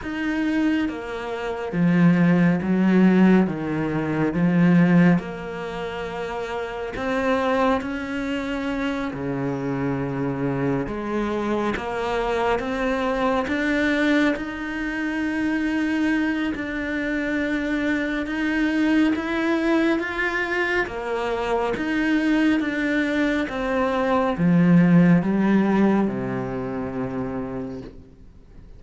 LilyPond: \new Staff \with { instrumentName = "cello" } { \time 4/4 \tempo 4 = 69 dis'4 ais4 f4 fis4 | dis4 f4 ais2 | c'4 cis'4. cis4.~ | cis8 gis4 ais4 c'4 d'8~ |
d'8 dis'2~ dis'8 d'4~ | d'4 dis'4 e'4 f'4 | ais4 dis'4 d'4 c'4 | f4 g4 c2 | }